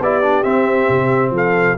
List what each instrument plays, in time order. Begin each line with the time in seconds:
0.00 tuba B3, trombone E4, horn G4, trumpet D5
0.23 trombone D4
0.43 trombone C4, tuba C4, trumpet E5
0.89 tuba C3
1.31 tuba F3, horn A4, trumpet F5